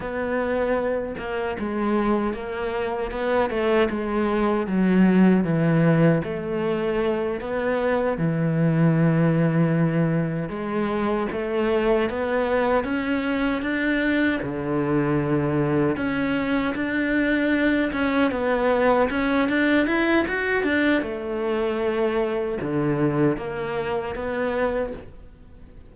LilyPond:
\new Staff \with { instrumentName = "cello" } { \time 4/4 \tempo 4 = 77 b4. ais8 gis4 ais4 | b8 a8 gis4 fis4 e4 | a4. b4 e4.~ | e4. gis4 a4 b8~ |
b8 cis'4 d'4 d4.~ | d8 cis'4 d'4. cis'8 b8~ | b8 cis'8 d'8 e'8 fis'8 d'8 a4~ | a4 d4 ais4 b4 | }